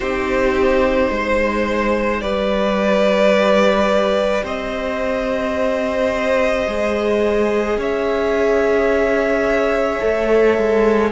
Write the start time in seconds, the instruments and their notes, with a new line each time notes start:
0.00 cello C4, viola D#4, violin G4 C5
1.10 cello G#3, violin C5
2.21 cello G3, viola G4, violin B4 D5
4.44 cello C4, violin C5 D#5
6.67 cello G#3, viola G#4
7.77 cello C#4, violin C#5 E5
10.00 cello A3, viola A4
10.58 cello G#3